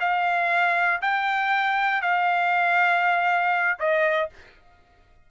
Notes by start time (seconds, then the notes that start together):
0.00 F5
1.02 G5
2.02 F5
3.79 D#5